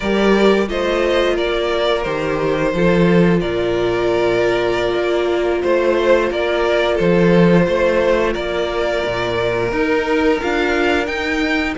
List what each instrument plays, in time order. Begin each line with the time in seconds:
0.00 cello G3, viola G4, violin A#4 D5
0.67 cello A3, viola F4, violin C5 D#5
1.34 cello A#3, violin A#4 D5
2.02 cello D#3, viola G4, violin C5
2.73 cello F3, viola F4, violin A4
3.40 cello A#2, violin A#4 D5
4.93 cello A#3
5.61 cello A3, violin C5
6.31 cello A#3, violin A#4 D5
6.94 cello F3, violin A4 C5
7.67 cello A3, violin C5
8.33 cello A#3, violin A#4 D5
9.05 cello A#2
9.71 cello D#4, viola D#4, violin A#4
10.41 cello D4, viola F4, violin F5
11.06 viola D#4, cello D#4, violin G5